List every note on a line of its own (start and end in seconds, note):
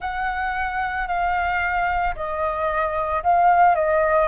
0.00 1.07 F#5
1.07 2.14 F5
2.15 3.22 D#5
3.23 3.75 F5
3.75 4.28 D#5